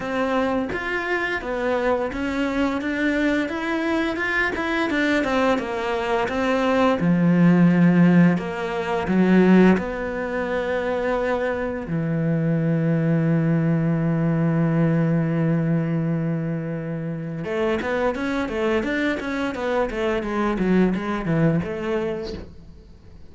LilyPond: \new Staff \with { instrumentName = "cello" } { \time 4/4 \tempo 4 = 86 c'4 f'4 b4 cis'4 | d'4 e'4 f'8 e'8 d'8 c'8 | ais4 c'4 f2 | ais4 fis4 b2~ |
b4 e2.~ | e1~ | e4 a8 b8 cis'8 a8 d'8 cis'8 | b8 a8 gis8 fis8 gis8 e8 a4 | }